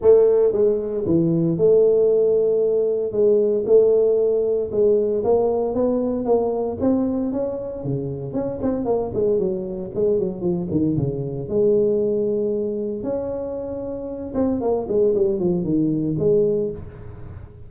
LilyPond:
\new Staff \with { instrumentName = "tuba" } { \time 4/4 \tempo 4 = 115 a4 gis4 e4 a4~ | a2 gis4 a4~ | a4 gis4 ais4 b4 | ais4 c'4 cis'4 cis4 |
cis'8 c'8 ais8 gis8 fis4 gis8 fis8 | f8 dis8 cis4 gis2~ | gis4 cis'2~ cis'8 c'8 | ais8 gis8 g8 f8 dis4 gis4 | }